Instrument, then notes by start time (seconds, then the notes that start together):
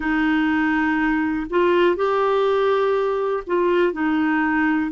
clarinet
0.00 D#4
1.50 F4
1.96 G4
3.46 F4
3.93 D#4